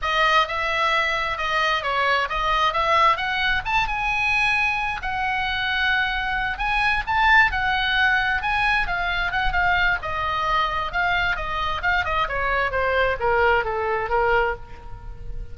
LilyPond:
\new Staff \with { instrumentName = "oboe" } { \time 4/4 \tempo 4 = 132 dis''4 e''2 dis''4 | cis''4 dis''4 e''4 fis''4 | a''8 gis''2~ gis''8 fis''4~ | fis''2~ fis''8 gis''4 a''8~ |
a''8 fis''2 gis''4 f''8~ | f''8 fis''8 f''4 dis''2 | f''4 dis''4 f''8 dis''8 cis''4 | c''4 ais'4 a'4 ais'4 | }